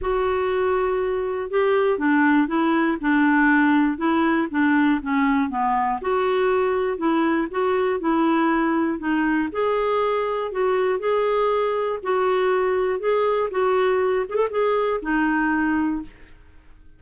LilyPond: \new Staff \with { instrumentName = "clarinet" } { \time 4/4 \tempo 4 = 120 fis'2. g'4 | d'4 e'4 d'2 | e'4 d'4 cis'4 b4 | fis'2 e'4 fis'4 |
e'2 dis'4 gis'4~ | gis'4 fis'4 gis'2 | fis'2 gis'4 fis'4~ | fis'8 gis'16 a'16 gis'4 dis'2 | }